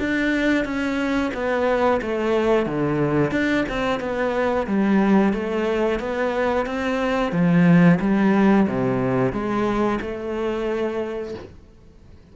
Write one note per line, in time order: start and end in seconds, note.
0.00 0.65 D4
0.65 1.32 C#4
1.34 2.01 B3
2.02 2.66 A3
2.66 3.32 D3
3.32 3.65 D4
3.69 4.00 C4
4.00 4.67 B3
4.67 5.33 G3
5.33 6.00 A3
6.00 6.66 B3
6.66 7.32 C4
7.32 7.99 F3
8.00 8.67 G3
8.68 9.33 C3
9.33 9.99 G#3
10.02 11.35 A3